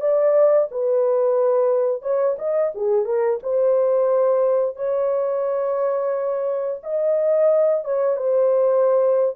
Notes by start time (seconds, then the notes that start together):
0.00 D5
0.71 B4
2.02 C#5
2.38 D#5
2.74 G#4
3.05 A#4
3.42 C5
4.76 C#5
6.83 D#5
7.84 C#5
8.16 C5